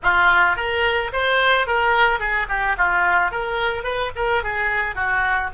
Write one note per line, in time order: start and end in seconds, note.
0.02 0.56 F4
0.56 1.11 A#4
1.12 1.66 C5
1.66 2.19 A#4
2.19 2.46 G#4
2.48 2.76 G4
2.77 3.31 F4
3.31 3.83 A#4
3.83 4.11 B4
4.15 4.43 A#4
4.43 4.95 G#4
4.95 5.50 F#4